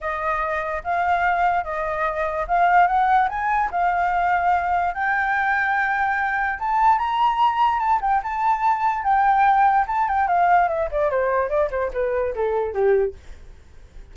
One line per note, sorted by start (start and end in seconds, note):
0.00 0.82 D#5
0.83 1.63 F5
1.63 2.46 D#5
2.47 2.87 F5
2.87 3.28 F#5
3.28 3.69 G#5
3.71 4.94 F5
4.94 6.58 G5
6.59 6.98 A5
6.98 7.79 A#5
7.79 8.00 A5
8.01 8.22 G5
8.23 9.03 A5
9.03 9.85 G5
9.87 10.07 A5
10.07 10.27 G5
10.27 10.68 F5
10.68 10.89 E5
10.91 11.10 D5
11.10 11.49 C5
11.49 11.69 D5
11.70 11.91 C5
11.93 12.34 B4
12.35 12.73 A4
12.73 13.14 G4